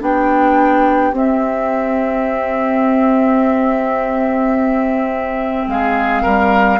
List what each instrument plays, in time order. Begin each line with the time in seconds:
0.00 bassoon B3, clarinet D4, oboe G4, flute G5
1.11 bassoon C4, clarinet C4, flute E5
5.67 bassoon G#3, oboe G#4, flute F5
6.22 bassoon G3, oboe A#4